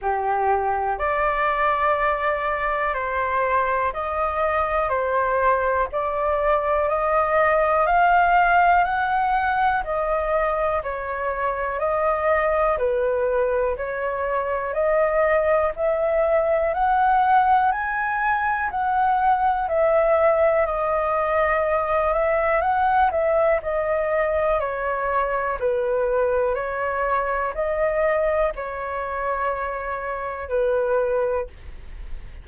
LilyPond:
\new Staff \with { instrumentName = "flute" } { \time 4/4 \tempo 4 = 61 g'4 d''2 c''4 | dis''4 c''4 d''4 dis''4 | f''4 fis''4 dis''4 cis''4 | dis''4 b'4 cis''4 dis''4 |
e''4 fis''4 gis''4 fis''4 | e''4 dis''4. e''8 fis''8 e''8 | dis''4 cis''4 b'4 cis''4 | dis''4 cis''2 b'4 | }